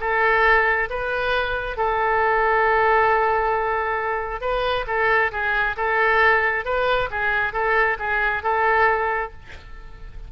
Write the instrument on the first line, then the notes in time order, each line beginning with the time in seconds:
oboe
0.00 A4
0.89 B4
1.77 A4
4.41 B4
4.87 A4
5.32 G#4
5.76 A4
6.65 B4
7.11 G#4
7.53 A4
7.99 G#4
8.43 A4